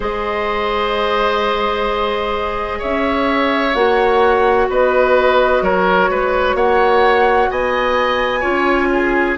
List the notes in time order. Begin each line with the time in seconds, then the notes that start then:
0.00 G#3 G#4 C5 D#5
2.79 C#4 C#5 E5
3.74 A#3 F#4 F#5
4.68 B3 B4 D#5
5.61 F#3 A#4 C#5
6.09 G#3 B4
6.54 A#3 C#5 F#5
7.50 B3 D#5 G#5
8.40 C#4 F4 C#5
8.92 G#4